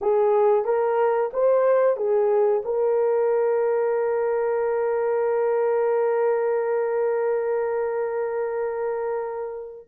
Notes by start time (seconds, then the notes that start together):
0.01 G#4
0.64 A#4
1.33 C5
1.97 G#4
2.65 A#4